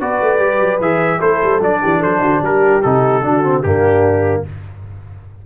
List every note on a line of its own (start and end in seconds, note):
0.00 0.21 B3
0.00 0.39 F#4
0.00 1.19 B4
0.00 0.81 D5
0.21 0.40 A3
0.39 0.61 G3
0.39 0.79 G4
0.61 0.80 F#3
0.80 1.20 E3
0.80 1.20 G#4
0.80 1.21 E5
1.19 1.43 A3
1.19 1.60 E4
1.19 1.80 A4
1.19 1.61 C5
1.43 1.61 G3
1.61 1.81 F#3
1.61 2.82 D4
1.61 2.03 D5
1.82 2.05 E3
1.82 2.00 G4
2.00 2.20 F#3
2.00 2.20 A4
2.00 2.43 C5
2.20 2.40 D3
2.20 2.42 F#4
2.42 2.82 G3
2.42 3.24 G4
2.42 2.83 A#4
2.83 3.24 C3
2.83 3.23 D#4
2.83 3.63 A4
3.23 3.64 D3
3.23 3.43 D4
3.23 3.65 F#4
3.44 3.64 C4
3.63 4.45 G2
3.63 4.46 A#3
3.63 4.45 D4
3.63 4.43 G4